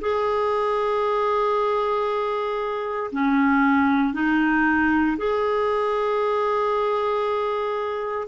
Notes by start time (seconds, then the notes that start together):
0.00 G#4
3.11 C#4
4.13 D#4
5.17 G#4